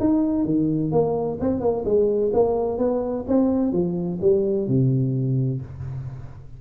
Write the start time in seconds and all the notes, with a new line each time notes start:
0.00 D#4
0.45 D#3
0.92 A#3
1.41 C4
1.61 A#3
1.85 G#3
2.34 A#3
2.78 B3
3.28 C4
3.73 F3
4.22 G3
4.68 C3